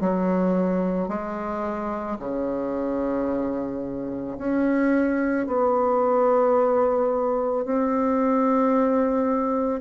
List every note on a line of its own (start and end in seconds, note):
0.00 1.08 F#3
1.08 2.17 G#3
2.19 4.37 C#3
4.37 5.46 C#4
5.46 7.65 B3
7.65 9.80 C4